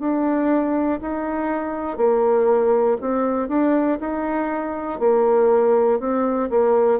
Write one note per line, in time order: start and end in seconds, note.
0.00 1.00 D4
1.01 1.97 D#4
1.97 2.97 A#3
3.01 3.49 C4
3.49 3.99 D4
4.00 5.00 D#4
5.00 6.00 A#3
6.00 6.50 C4
6.50 7.00 A#3